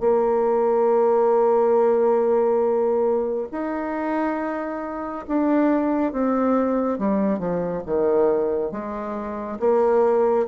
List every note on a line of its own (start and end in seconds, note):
0.00 3.48 A#3
3.51 5.25 D#4
5.28 6.12 D4
6.12 6.98 C4
6.98 7.39 G3
7.39 7.82 F3
7.86 8.72 D#3
8.72 9.58 G#3
9.59 10.46 A#3